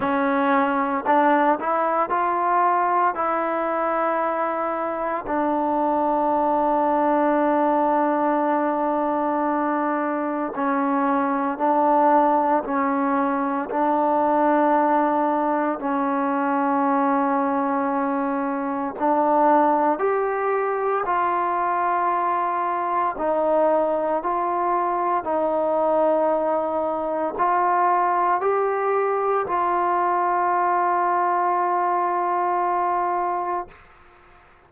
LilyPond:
\new Staff \with { instrumentName = "trombone" } { \time 4/4 \tempo 4 = 57 cis'4 d'8 e'8 f'4 e'4~ | e'4 d'2.~ | d'2 cis'4 d'4 | cis'4 d'2 cis'4~ |
cis'2 d'4 g'4 | f'2 dis'4 f'4 | dis'2 f'4 g'4 | f'1 | }